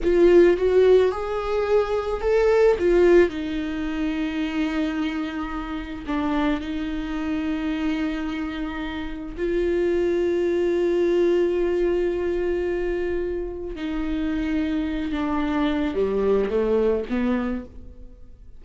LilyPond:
\new Staff \with { instrumentName = "viola" } { \time 4/4 \tempo 4 = 109 f'4 fis'4 gis'2 | a'4 f'4 dis'2~ | dis'2. d'4 | dis'1~ |
dis'4 f'2.~ | f'1~ | f'4 dis'2~ dis'8 d'8~ | d'4 g4 a4 b4 | }